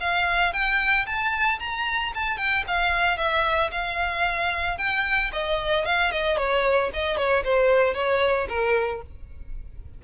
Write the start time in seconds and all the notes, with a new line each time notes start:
0.00 F5
0.53 G5
1.06 A5
1.59 A#5
2.14 A5
2.37 G5
2.67 F5
3.17 E5
3.71 F5
4.77 G5
5.32 D#5
5.85 F5
6.11 D#5
6.37 C#5
6.93 D#5
7.17 C#5
7.44 C5
7.94 C#5
8.48 A#4